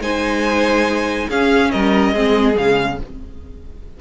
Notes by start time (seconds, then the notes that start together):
0.00 G#3 D#4 C5 G#5
1.28 C#4 G#4 F5
1.71 G3 A#4 D#5
2.13 G#3 C4 G#4
2.54 C#3 G#3 F5